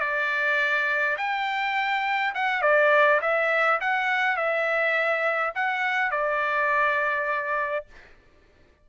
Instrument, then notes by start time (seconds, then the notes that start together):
trumpet
0.00 D5
1.17 G5
2.35 F#5
2.62 D5
3.21 E5
3.80 F#5
4.37 E5
5.55 F#5
6.11 D5